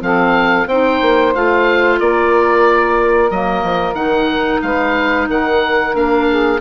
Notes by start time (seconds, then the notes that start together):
0.00 F3 C4 A4 F5
0.66 C4 D#4 C5 G5
1.01 A#3
1.34 A3 F4 F5
1.99 A#3 A#4 D5
3.30 F#3 A#3 D#5
3.63 F3
3.93 D#3 D#4 F#5
4.62 G#3 B4 F5
5.28 D#3 A#4 F#5
5.93 A#3 D4 F5
6.29 G#4